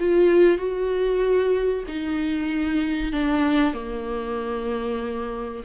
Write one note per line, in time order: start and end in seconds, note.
0.00 0.58 F4
0.58 1.85 F#4
1.88 3.13 D#4
3.13 3.74 D4
3.74 5.64 A#3